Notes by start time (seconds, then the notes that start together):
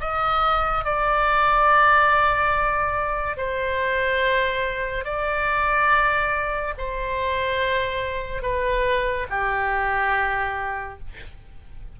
0.00 D#5
0.85 D5
3.37 C5
5.04 D5
6.78 C5
8.42 B4
9.30 G4